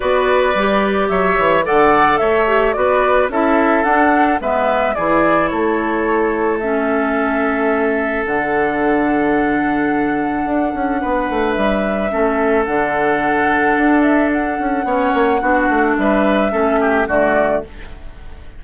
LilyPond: <<
  \new Staff \with { instrumentName = "flute" } { \time 4/4 \tempo 4 = 109 d''2 e''4 fis''4 | e''4 d''4 e''4 fis''4 | e''4 d''4 cis''2 | e''2. fis''4~ |
fis''1~ | fis''4 e''2 fis''4~ | fis''4. e''8 fis''2~ | fis''4 e''2 d''4 | }
  \new Staff \with { instrumentName = "oboe" } { \time 4/4 b'2 cis''4 d''4 | cis''4 b'4 a'2 | b'4 gis'4 a'2~ | a'1~ |
a'1 | b'2 a'2~ | a'2. cis''4 | fis'4 b'4 a'8 g'8 fis'4 | }
  \new Staff \with { instrumentName = "clarinet" } { \time 4/4 fis'4 g'2 a'4~ | a'8 g'8 fis'4 e'4 d'4 | b4 e'2. | cis'2. d'4~ |
d'1~ | d'2 cis'4 d'4~ | d'2. cis'4 | d'2 cis'4 a4 | }
  \new Staff \with { instrumentName = "bassoon" } { \time 4/4 b4 g4 fis8 e8 d4 | a4 b4 cis'4 d'4 | gis4 e4 a2~ | a2. d4~ |
d2. d'8 cis'8 | b8 a8 g4 a4 d4~ | d4 d'4. cis'8 b8 ais8 | b8 a8 g4 a4 d4 | }
>>